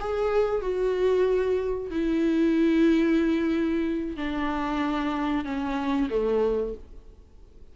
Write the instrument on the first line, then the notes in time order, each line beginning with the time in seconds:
viola
0.00 G#4
0.62 F#4
1.91 E4
4.17 D4
5.45 C#4
6.10 A3